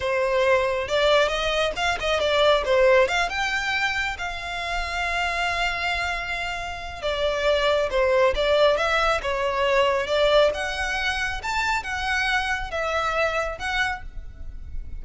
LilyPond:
\new Staff \with { instrumentName = "violin" } { \time 4/4 \tempo 4 = 137 c''2 d''4 dis''4 | f''8 dis''8 d''4 c''4 f''8 g''8~ | g''4. f''2~ f''8~ | f''1 |
d''2 c''4 d''4 | e''4 cis''2 d''4 | fis''2 a''4 fis''4~ | fis''4 e''2 fis''4 | }